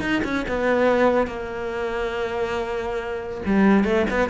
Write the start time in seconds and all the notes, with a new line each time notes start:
0.00 D#4
0.24 C#4
0.48 B3
1.27 A#3
3.45 G3
3.84 A3
4.10 B3